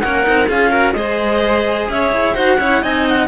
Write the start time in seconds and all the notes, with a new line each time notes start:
0.00 A#3 C#4 A#4 F#5
0.23 C4 D#4
0.48 C#4 F4 G#4 F5
0.70 F#4 A#4
0.92 G#3 G#4 C5 D#5
1.88 C#4 C#5 E5
2.11 E4
2.34 D#4 F#4 C5 F#5
2.58 C#4 E4 C#5
2.82 C4 D#4 D#5 G#5
3.08 F#5